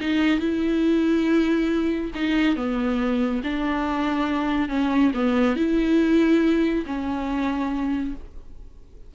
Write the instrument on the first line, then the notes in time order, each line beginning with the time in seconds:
viola
0.00 D#4
0.39 E4
2.14 D#4
2.56 B3
3.43 D4
4.69 C#4
5.14 B3
5.56 E4
6.86 C#4